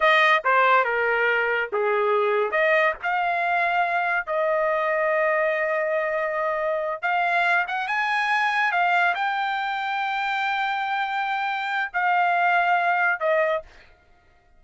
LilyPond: \new Staff \with { instrumentName = "trumpet" } { \time 4/4 \tempo 4 = 141 dis''4 c''4 ais'2 | gis'2 dis''4 f''4~ | f''2 dis''2~ | dis''1~ |
dis''8 f''4. fis''8 gis''4.~ | gis''8 f''4 g''2~ g''8~ | g''1 | f''2. dis''4 | }